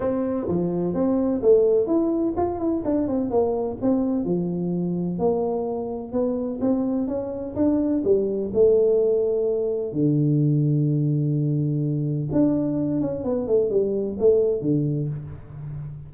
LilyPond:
\new Staff \with { instrumentName = "tuba" } { \time 4/4 \tempo 4 = 127 c'4 f4 c'4 a4 | e'4 f'8 e'8 d'8 c'8 ais4 | c'4 f2 ais4~ | ais4 b4 c'4 cis'4 |
d'4 g4 a2~ | a4 d2.~ | d2 d'4. cis'8 | b8 a8 g4 a4 d4 | }